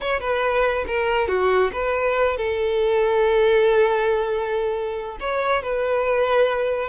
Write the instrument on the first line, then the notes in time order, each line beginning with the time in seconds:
violin
0.00 C#5
0.20 B4
0.87 A#4
1.28 F#4
1.73 B4
2.37 A4
5.20 C#5
5.63 B4